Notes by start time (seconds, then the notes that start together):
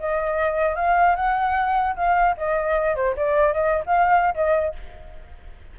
0.00 D#5
0.76 F5
1.16 F#5
1.97 F5
2.38 D#5
2.96 C5
3.17 D5
3.54 D#5
3.87 F5
4.35 D#5